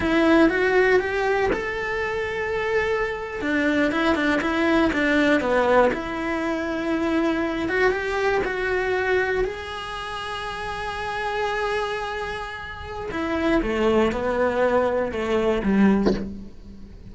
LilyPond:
\new Staff \with { instrumentName = "cello" } { \time 4/4 \tempo 4 = 119 e'4 fis'4 g'4 a'4~ | a'2~ a'8. d'4 e'16~ | e'16 d'8 e'4 d'4 b4 e'16~ | e'2.~ e'16 fis'8 g'16~ |
g'8. fis'2 gis'4~ gis'16~ | gis'1~ | gis'2 e'4 a4 | b2 a4 g4 | }